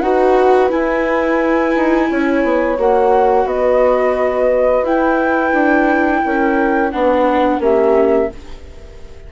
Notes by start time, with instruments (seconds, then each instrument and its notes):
0.00 bassoon D#4, viola F#4, horn B4, flute F#5
0.70 viola E4, bassoon E4, flute G#5
1.76 bassoon D#4
2.10 bassoon C#4, horn C#5
2.44 bassoon B3
2.78 bassoon A#3, viola F#4, flute F#5
3.45 bassoon B3, horn B4, flute D#5
4.83 bassoon E4, viola E4, flute G5
5.53 bassoon D4
6.25 bassoon C#4, horn A#4
6.91 bassoon B3, viola D4, horn B4, flute F#5
7.60 bassoon A#3, viola C#4, horn G4, flute E5